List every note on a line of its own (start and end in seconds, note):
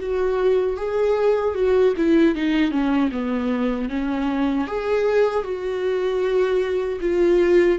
0.00 0.77 F#4
0.77 1.54 G#4
1.55 1.94 F#4
1.97 2.35 E4
2.35 2.71 D#4
2.71 3.10 C#4
3.12 3.89 B3
3.89 4.67 C#4
4.67 5.43 G#4
5.43 6.99 F#4
7.01 7.79 F4